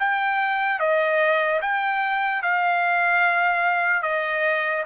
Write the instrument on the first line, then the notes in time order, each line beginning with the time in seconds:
trumpet
0.00 G5
0.80 D#5
1.62 G5
2.43 F5
4.03 D#5